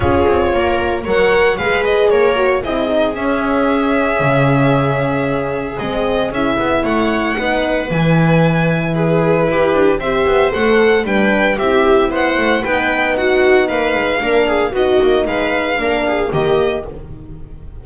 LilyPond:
<<
  \new Staff \with { instrumentName = "violin" } { \time 4/4 \tempo 4 = 114 cis''2 fis''4 f''8 dis''8 | cis''4 dis''4 e''2~ | e''2. dis''4 | e''4 fis''2 gis''4~ |
gis''4 b'2 e''4 | fis''4 g''4 e''4 fis''4 | g''4 fis''4 f''2 | dis''4 f''2 dis''4 | }
  \new Staff \with { instrumentName = "viola" } { \time 4/4 gis'4 ais'4 cis''4 b'4 | ais'4 gis'2.~ | gis'1~ | gis'4 cis''4 b'2~ |
b'4 gis'4 g'4 c''4~ | c''4 b'4 g'4 c''4 | b'4 fis'4 b'4 ais'8 gis'8 | fis'4 b'4 ais'8 gis'8 g'4 | }
  \new Staff \with { instrumentName = "horn" } { \time 4/4 f'2 ais'4 gis'4~ | gis'8 fis'8 e'8 dis'8 cis'2~ | cis'2. c'4 | e'2 dis'4 e'4~ |
e'2. g'4 | a'4 d'4 e'2 | dis'2. d'4 | dis'2 d'4 ais4 | }
  \new Staff \with { instrumentName = "double bass" } { \time 4/4 cis'8 c'8 ais4 fis4 gis4 | ais4 c'4 cis'2 | cis2. gis4 | cis'8 b8 a4 b4 e4~ |
e2 e'8 d'8 c'8 b8 | a4 g4 c'4 b8 a8 | b2 ais8 gis8 ais4 | b8 ais8 gis4 ais4 dis4 | }
>>